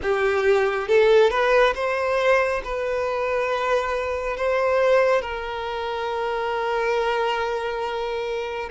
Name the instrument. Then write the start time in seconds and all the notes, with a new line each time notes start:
violin
0.02 G4
0.87 A4
1.30 B4
1.74 C5
2.64 B4
4.36 C5
5.21 A#4